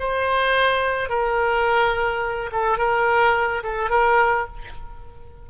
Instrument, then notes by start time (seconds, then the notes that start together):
oboe
0.00 C5
1.09 A#4
2.52 A4
2.78 A#4
3.64 A4
3.90 A#4